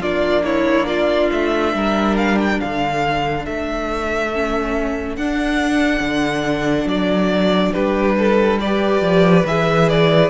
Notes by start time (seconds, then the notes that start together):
0.00 A#3 D4 F4 D5
0.45 E4 C#5
0.86 F4 D5
1.32 A3 E5
1.74 G3 A#4
2.17 F5
2.39 G5
2.61 D3 A4 F5
3.46 A3 E5
4.34 C#4
5.16 D4 F#5
6.00 D3
6.85 F#3 D5
7.73 G3 G4 B4
8.18 A4
8.60 G4 B4 D5
9.01 F3
9.45 E3 G#4 E5
9.89 D5